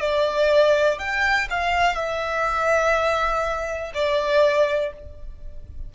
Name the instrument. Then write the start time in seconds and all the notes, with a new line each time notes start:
violin
0.00 D5
0.98 G5
1.50 F5
1.95 E5
3.94 D5